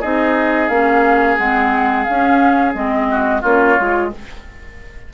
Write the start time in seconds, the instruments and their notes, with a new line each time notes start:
0.00 bassoon C4, clarinet D#4, oboe G#4, flute D#5
0.68 bassoon A#3, clarinet C#4, flute F5
1.37 bassoon G#3, clarinet C4, flute F#5
2.04 clarinet C#4, bassoon C#4, flute F5
2.74 bassoon G#3, clarinet C4, flute D#5
3.11 oboe F#4
3.41 bassoon A#3, clarinet C#4, oboe F4, flute C#5
3.77 bassoon G#3, clarinet F4